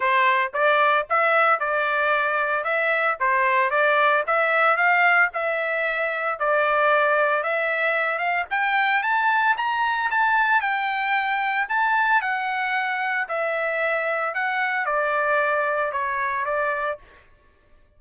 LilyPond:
\new Staff \with { instrumentName = "trumpet" } { \time 4/4 \tempo 4 = 113 c''4 d''4 e''4 d''4~ | d''4 e''4 c''4 d''4 | e''4 f''4 e''2 | d''2 e''4. f''8 |
g''4 a''4 ais''4 a''4 | g''2 a''4 fis''4~ | fis''4 e''2 fis''4 | d''2 cis''4 d''4 | }